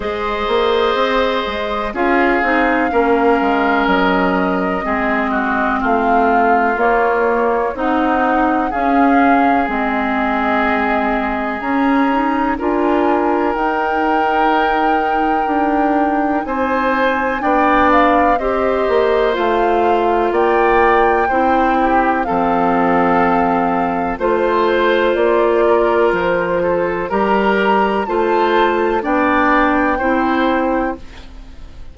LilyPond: <<
  \new Staff \with { instrumentName = "flute" } { \time 4/4 \tempo 4 = 62 dis''2 f''2 | dis''2 f''4 cis''4 | fis''4 f''4 dis''2 | ais''4 gis''4 g''2~ |
g''4 gis''4 g''8 f''8 dis''4 | f''4 g''2 f''4~ | f''4 c''4 d''4 c''4 | ais''4 a''4 g''2 | }
  \new Staff \with { instrumentName = "oboe" } { \time 4/4 c''2 gis'4 ais'4~ | ais'4 gis'8 fis'8 f'2 | dis'4 gis'2.~ | gis'4 ais'2.~ |
ais'4 c''4 d''4 c''4~ | c''4 d''4 c''8 g'8 a'4~ | a'4 c''4. ais'4 a'8 | ais'4 c''4 d''4 c''4 | }
  \new Staff \with { instrumentName = "clarinet" } { \time 4/4 gis'2 f'8 dis'8 cis'4~ | cis'4 c'2 ais4 | dis'4 cis'4 c'2 | cis'8 dis'8 f'4 dis'2~ |
dis'2 d'4 g'4 | f'2 e'4 c'4~ | c'4 f'2. | g'4 f'4 d'4 e'4 | }
  \new Staff \with { instrumentName = "bassoon" } { \time 4/4 gis8 ais8 c'8 gis8 cis'8 c'8 ais8 gis8 | fis4 gis4 a4 ais4 | c'4 cis'4 gis2 | cis'4 d'4 dis'2 |
d'4 c'4 b4 c'8 ais8 | a4 ais4 c'4 f4~ | f4 a4 ais4 f4 | g4 a4 b4 c'4 | }
>>